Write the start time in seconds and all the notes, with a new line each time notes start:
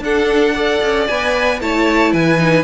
0.00 D4 A4 F#5
0.54 A4 D5
0.82 C#4
1.07 B3 B4 G#5
1.60 A3 E4 C#5 A5
2.12 E3 B4 G#5
2.38 D#4